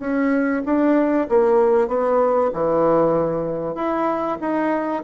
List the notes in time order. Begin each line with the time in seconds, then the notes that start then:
0.00 C#4
0.66 D4
1.29 A#3
1.88 B3
2.54 E3
3.75 E4
4.41 D#4